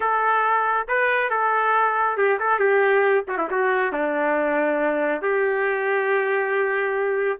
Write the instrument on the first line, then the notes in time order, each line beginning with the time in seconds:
trumpet
0.00 A4
0.88 B4
1.30 A4
2.17 G4
2.39 A4
2.59 G4
3.28 F#4
3.37 E4
3.51 F#4
3.92 D4
5.21 G4